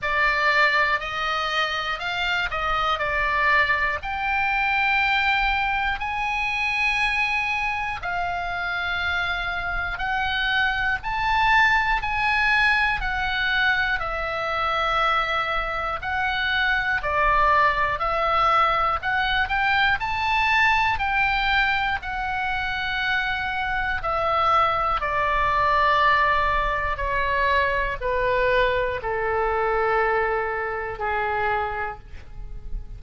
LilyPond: \new Staff \with { instrumentName = "oboe" } { \time 4/4 \tempo 4 = 60 d''4 dis''4 f''8 dis''8 d''4 | g''2 gis''2 | f''2 fis''4 a''4 | gis''4 fis''4 e''2 |
fis''4 d''4 e''4 fis''8 g''8 | a''4 g''4 fis''2 | e''4 d''2 cis''4 | b'4 a'2 gis'4 | }